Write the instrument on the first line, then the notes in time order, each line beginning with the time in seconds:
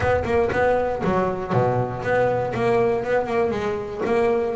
double bass
0.00 B3
0.24 A#3
0.52 B3
1.03 F#3
1.52 B2
2.02 B3
2.54 A#3
3.03 B3
3.26 A#3
3.50 G#3
4.05 A#3